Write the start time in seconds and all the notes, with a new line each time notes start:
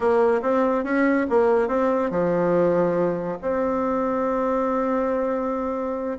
0.00 A#3
0.42 C4
0.84 C#4
1.29 A#3
1.68 C4
2.10 F3
3.41 C4